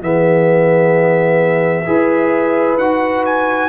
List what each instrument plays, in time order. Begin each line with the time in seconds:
0.00 tuba E3, trombone B3, horn G#4, trumpet E5
1.86 tuba E4, trombone G#4, horn B4
2.77 tuba D#4, trombone F#4, trumpet F#5
3.25 trumpet G#5